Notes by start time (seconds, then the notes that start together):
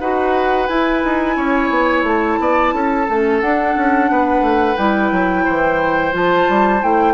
0.00 D#4 F#4 B4 F#5
0.67 E4 G#5
1.04 D#4
1.37 C#4 C#5
1.70 B3
2.03 A3 A5
2.40 B3 D5
2.74 C#4 A4
3.09 A3 C#4
3.41 D4 F#5
3.77 C#4
4.11 B3 B4
4.42 A3
4.77 G3 E4 G5
5.12 F#3
5.45 E3 C5
6.12 F3 F4 A5
6.49 G3
6.82 A3 E4 G5